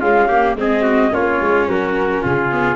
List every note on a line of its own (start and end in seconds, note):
0.00 0.28 G#3
0.00 0.55 C#4
0.00 0.28 F4
0.00 0.56 F5
0.28 0.57 A#3
0.28 0.56 G4
0.55 1.11 G#3
0.55 1.11 C4
0.55 0.82 G#4
0.55 1.14 D#5
0.82 1.10 F#4
1.11 1.40 A#3
1.11 2.49 C#4
1.11 1.69 F4
1.11 1.69 C#5
1.41 1.67 G#3
1.67 2.23 F#3
1.67 2.22 F#4
1.67 2.24 A#4
2.22 2.76 C#3
2.22 2.76 F4
2.22 2.76 G#4
2.51 2.76 B3